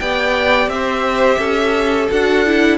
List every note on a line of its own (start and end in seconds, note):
0.00 0.68 B3
0.00 2.11 G4
0.00 0.72 D5
0.00 0.69 G5
0.68 1.37 C4
0.68 2.09 E5
0.75 1.39 C5
1.39 2.09 C#4
1.39 2.78 A4
2.12 2.78 D4
2.12 2.47 F#4
2.12 2.78 F#5
2.47 2.78 E4